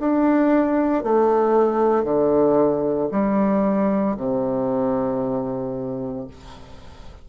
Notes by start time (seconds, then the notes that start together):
0.00 D4
1.04 A3
2.04 D3
3.12 G3
4.17 C3